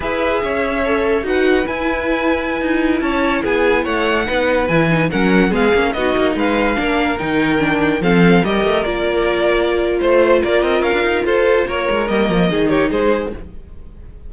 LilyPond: <<
  \new Staff \with { instrumentName = "violin" } { \time 4/4 \tempo 4 = 144 e''2. fis''4 | gis''2.~ gis''16 a''8.~ | a''16 gis''4 fis''2 gis''8.~ | gis''16 fis''4 f''4 dis''4 f''8.~ |
f''4~ f''16 g''2 f''8.~ | f''16 dis''4 d''2~ d''8. | c''4 d''8 dis''8 f''4 c''4 | cis''4 dis''4. cis''8 c''4 | }
  \new Staff \with { instrumentName = "violin" } { \time 4/4 b'4 cis''2 b'4~ | b'2.~ b'16 cis''8.~ | cis''16 gis'4 cis''4 b'4.~ b'16~ | b'16 ais'4 gis'4 fis'4 b'8.~ |
b'16 ais'2. a'8.~ | a'16 ais'2.~ ais'8. | c''4 ais'2 a'4 | ais'2 gis'8 g'8 gis'4 | }
  \new Staff \with { instrumentName = "viola" } { \time 4/4 gis'2 a'4 fis'4 | e'1~ | e'2~ e'16 dis'4 e'8 dis'16~ | dis'16 cis'4 b8 cis'8 dis'4.~ dis'16~ |
dis'16 d'4 dis'4 d'4 c'8.~ | c'16 g'4 f'2~ f'8.~ | f'1~ | f'4 ais4 dis'2 | }
  \new Staff \with { instrumentName = "cello" } { \time 4/4 e'4 cis'2 dis'4 | e'2~ e'16 dis'4 cis'8.~ | cis'16 b4 a4 b4 e8.~ | e16 fis4 gis8 ais8 b8 ais8 gis8.~ |
gis16 ais4 dis2 f8.~ | f16 g8 a8 ais2~ ais8. | a4 ais8 c'8 cis'16 d'16 dis'8 f'4 | ais8 gis8 g8 f8 dis4 gis4 | }
>>